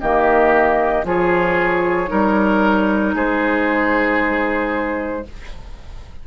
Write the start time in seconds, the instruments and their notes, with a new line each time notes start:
0.00 bassoon D#3, clarinet A#3, oboe G4, flute D#5
1.04 bassoon F3, clarinet F4, oboe G#4, flute C#5
2.07 bassoon G3, clarinet D#4, oboe A#4
3.14 bassoon G#3, oboe G#4, flute C5